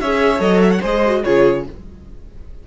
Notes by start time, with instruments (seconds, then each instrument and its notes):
0.00 cello C#4, viola G#4, violin C#5 E5
0.38 cello F#3, viola A4, violin D#5
0.61 violin E5
0.71 violin F#5
0.80 cello G#3, viola G#4, violin C5 D#5
1.06 viola F#4
1.23 cello C#3, viola F4, violin G#4 C#5